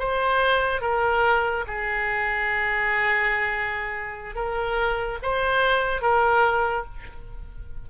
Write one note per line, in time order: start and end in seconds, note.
0.00 0.82 C5
0.82 1.65 A#4
1.67 4.36 G#4
4.36 5.19 A#4
5.23 6.02 C5
6.02 6.85 A#4